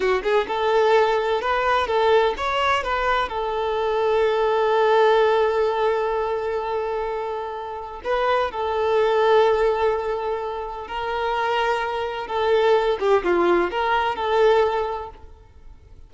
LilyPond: \new Staff \with { instrumentName = "violin" } { \time 4/4 \tempo 4 = 127 fis'8 gis'8 a'2 b'4 | a'4 cis''4 b'4 a'4~ | a'1~ | a'1~ |
a'4 b'4 a'2~ | a'2. ais'4~ | ais'2 a'4. g'8 | f'4 ais'4 a'2 | }